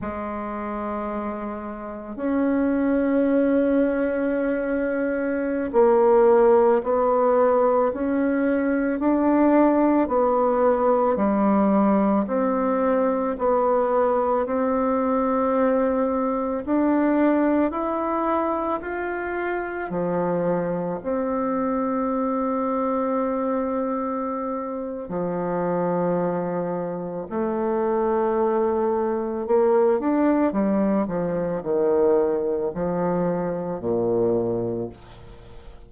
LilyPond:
\new Staff \with { instrumentName = "bassoon" } { \time 4/4 \tempo 4 = 55 gis2 cis'2~ | cis'4~ cis'16 ais4 b4 cis'8.~ | cis'16 d'4 b4 g4 c'8.~ | c'16 b4 c'2 d'8.~ |
d'16 e'4 f'4 f4 c'8.~ | c'2. f4~ | f4 a2 ais8 d'8 | g8 f8 dis4 f4 ais,4 | }